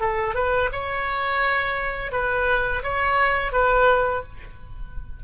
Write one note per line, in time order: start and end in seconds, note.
0.00 0.35 A4
0.35 0.70 B4
0.72 2.12 C#5
2.12 2.82 B4
2.83 3.52 C#5
3.52 4.23 B4